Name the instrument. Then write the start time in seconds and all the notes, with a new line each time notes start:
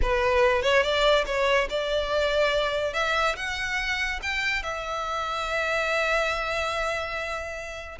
violin
0.02 B4
0.62 C#5
0.82 D5
1.26 C#5
1.69 D5
2.93 E5
3.36 F#5
4.22 G5
4.62 E5